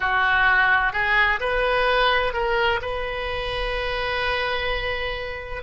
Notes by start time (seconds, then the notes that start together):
0.00 F#4
0.92 G#4
1.39 B4
2.33 A#4
2.81 B4